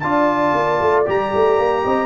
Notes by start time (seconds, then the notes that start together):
0.00 D4 F4 D5 A5
0.54 A#3
0.80 A3
1.05 G3 G4 A#5
1.34 A3
1.58 A#3
1.84 C4 D#5